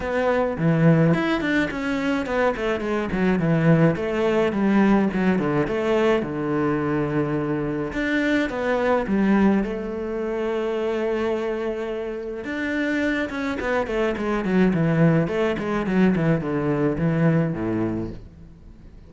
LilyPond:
\new Staff \with { instrumentName = "cello" } { \time 4/4 \tempo 4 = 106 b4 e4 e'8 d'8 cis'4 | b8 a8 gis8 fis8 e4 a4 | g4 fis8 d8 a4 d4~ | d2 d'4 b4 |
g4 a2.~ | a2 d'4. cis'8 | b8 a8 gis8 fis8 e4 a8 gis8 | fis8 e8 d4 e4 a,4 | }